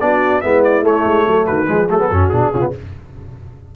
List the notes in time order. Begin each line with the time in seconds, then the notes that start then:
0.00 B3 D4 F#4 D5
0.41 G#3 B3 E4 E5
0.64 D5
0.82 A3 C#5
1.05 G#3
1.28 F#3 A4
1.47 D#3 F#4 B4
1.68 F3 G#3 G#4
1.90 F#3 A3 A4
1.99 B3
2.10 F#2 C#4 F#4
2.29 B2 D4 G#4
2.54 C#3 C#4 F4
2.60 B3